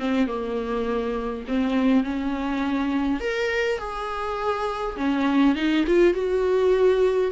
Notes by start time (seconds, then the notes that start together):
0.00 C4
0.28 A#3
1.48 C4
2.04 C#4
3.21 A#4
3.79 G#4
4.97 C#4
5.56 D#4
5.87 F4
6.14 F#4